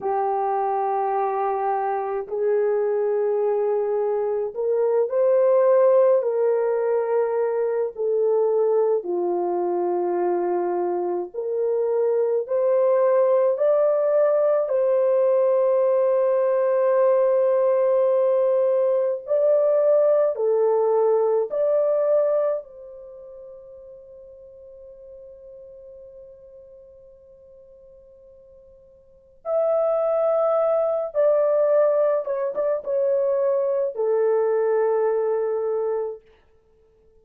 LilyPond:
\new Staff \with { instrumentName = "horn" } { \time 4/4 \tempo 4 = 53 g'2 gis'2 | ais'8 c''4 ais'4. a'4 | f'2 ais'4 c''4 | d''4 c''2.~ |
c''4 d''4 a'4 d''4 | c''1~ | c''2 e''4. d''8~ | d''8 cis''16 d''16 cis''4 a'2 | }